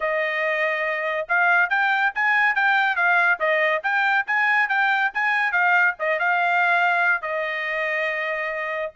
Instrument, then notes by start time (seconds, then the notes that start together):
trumpet
0.00 D#5
1.28 F5
1.69 G5
2.14 G#5
2.55 G5
2.96 F5
3.39 D#5
3.83 G5
4.26 G#5
4.68 G5
5.14 G#5
5.52 F5
5.99 D#5
6.19 F5
7.21 D#5